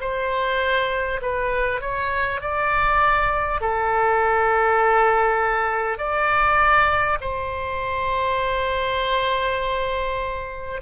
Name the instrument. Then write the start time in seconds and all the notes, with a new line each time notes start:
oboe
0.00 C5
1.21 B4
1.81 C#5
2.41 D5
3.60 A4
5.97 D5
7.20 C5